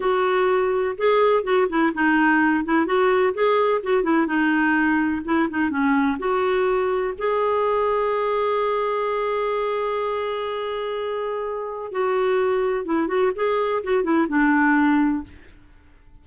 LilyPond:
\new Staff \with { instrumentName = "clarinet" } { \time 4/4 \tempo 4 = 126 fis'2 gis'4 fis'8 e'8 | dis'4. e'8 fis'4 gis'4 | fis'8 e'8 dis'2 e'8 dis'8 | cis'4 fis'2 gis'4~ |
gis'1~ | gis'1~ | gis'4 fis'2 e'8 fis'8 | gis'4 fis'8 e'8 d'2 | }